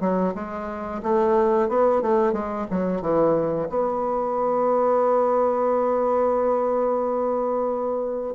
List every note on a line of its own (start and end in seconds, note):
0.00 0.33 F#3
0.34 1.01 G#3
1.02 1.68 A3
1.68 2.01 B3
2.01 2.32 A3
2.32 2.66 G#3
2.71 3.01 F#3
3.01 3.68 E3
3.69 8.35 B3